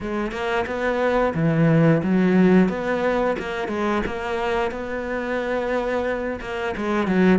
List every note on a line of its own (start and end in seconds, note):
0.01 0.31 G#3
0.31 0.65 A#3
0.66 1.33 B3
1.34 2.02 E3
2.02 2.68 F#3
2.68 3.36 B3
3.38 3.68 A#3
3.68 4.01 G#3
4.06 4.71 A#3
4.71 6.39 B3
6.40 6.74 A#3
6.77 7.07 G#3
7.07 7.39 F#3